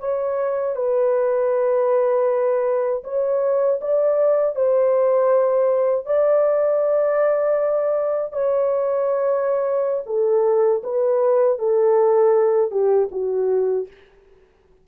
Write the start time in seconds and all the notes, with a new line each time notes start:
0.00 C#5
0.76 B4
3.04 C#5
3.81 D5
4.56 C5
6.06 D5
8.33 C#5
10.06 A4
10.84 B4
11.59 A4
12.71 G4
13.12 F#4